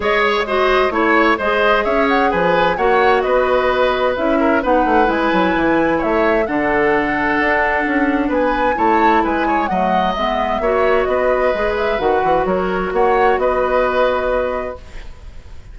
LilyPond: <<
  \new Staff \with { instrumentName = "flute" } { \time 4/4 \tempo 4 = 130 dis''8 cis''8 dis''4 cis''4 dis''4 | e''8 fis''8 gis''4 fis''4 dis''4~ | dis''4 e''4 fis''4 gis''4~ | gis''4 e''4 fis''2~ |
fis''2 gis''4 a''4 | gis''4 fis''4 e''2 | dis''4. e''8 fis''4 cis''4 | fis''4 dis''2. | }
  \new Staff \with { instrumentName = "oboe" } { \time 4/4 cis''4 c''4 cis''4 c''4 | cis''4 b'4 cis''4 b'4~ | b'4. ais'8 b'2~ | b'4 cis''4 a'2~ |
a'2 b'4 cis''4 | b'8 cis''8 dis''2 cis''4 | b'2. ais'4 | cis''4 b'2. | }
  \new Staff \with { instrumentName = "clarinet" } { \time 4/4 gis'4 fis'4 e'4 gis'4~ | gis'2 fis'2~ | fis'4 e'4 dis'4 e'4~ | e'2 d'2~ |
d'2. e'4~ | e'4 a4 b4 fis'4~ | fis'4 gis'4 fis'2~ | fis'1 | }
  \new Staff \with { instrumentName = "bassoon" } { \time 4/4 gis2 a4 gis4 | cis'4 f4 ais4 b4~ | b4 cis'4 b8 a8 gis8 fis8 | e4 a4 d2 |
d'4 cis'4 b4 a4 | gis4 fis4 gis4 ais4 | b4 gis4 dis8 e8 fis4 | ais4 b2. | }
>>